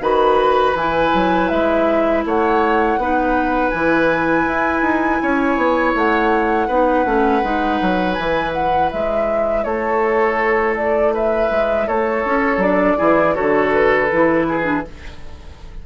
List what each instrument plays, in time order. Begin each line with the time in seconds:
0.00 bassoon D#3, clarinet F#4, oboe B4, flute B5
0.73 bassoon E3, clarinet E4, flute G#5
1.14 bassoon F#3
1.48 bassoon G#3, flute E5
2.25 bassoon A3, oboe C#5, flute F#5
2.97 bassoon B3, clarinet D#4, oboe B4
3.69 bassoon E3, clarinet E4, flute G#5
4.47 bassoon E4
4.82 bassoon D#4
5.22 bassoon C#4, oboe C#5
5.56 bassoon B3
5.95 bassoon A3, flute F#5
6.67 bassoon B3, clarinet D#4, oboe B4
7.05 bassoon A3, clarinet C#4
7.43 bassoon G#3, clarinet D#4
7.81 bassoon F#3
8.13 bassoon E3, clarinet E4, flute G#5
8.53 flute F#5
8.91 bassoon G#3, flute E5
9.63 bassoon A3, oboe A4, flute C#5
10.76 flute D5
11.13 oboe B4, flute E5
11.50 bassoon G#3
11.87 bassoon A3, oboe A4, flute C#5
12.25 bassoon C#4
12.57 bassoon F#3, clarinet D4, flute D5
12.97 bassoon E3, clarinet E4, oboe G#4
13.33 bassoon D3, clarinet F#4, oboe A4, flute C#5
13.73 flute B4
14.12 bassoon E3, clarinet E4
14.48 oboe G#4
14.63 clarinet D4